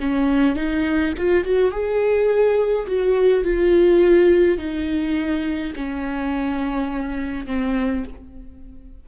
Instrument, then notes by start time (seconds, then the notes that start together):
viola
0.00 C#4
0.56 D#4
1.18 F4
1.45 F#4
1.72 G#4
2.87 F#4
3.45 F4
4.58 D#4
5.76 C#4
7.47 C4